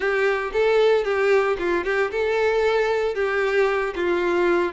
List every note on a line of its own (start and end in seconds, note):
0.00 0.51 G4
0.53 1.04 A4
1.04 1.56 G4
1.59 1.84 F4
1.84 2.10 G4
2.11 3.14 A4
3.14 3.93 G4
3.95 4.72 F4